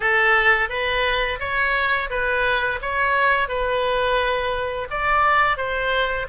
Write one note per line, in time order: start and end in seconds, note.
0.00 0.69 A4
0.69 1.39 B4
1.40 2.09 C#5
2.10 2.79 B4
2.81 3.48 C#5
3.48 4.88 B4
4.90 5.57 D5
5.57 6.27 C5